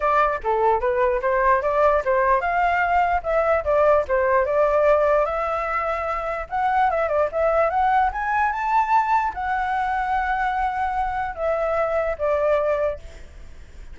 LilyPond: \new Staff \with { instrumentName = "flute" } { \time 4/4 \tempo 4 = 148 d''4 a'4 b'4 c''4 | d''4 c''4 f''2 | e''4 d''4 c''4 d''4~ | d''4 e''2. |
fis''4 e''8 d''8 e''4 fis''4 | gis''4 a''2 fis''4~ | fis''1 | e''2 d''2 | }